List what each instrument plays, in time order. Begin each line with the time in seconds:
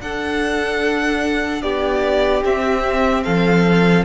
0.00 cello D4, viola D4, violin A4 F#5
1.62 cello B3, violin G4 D5
2.44 viola C4, cello C4, violin E5
3.23 cello F3, violin A4 F5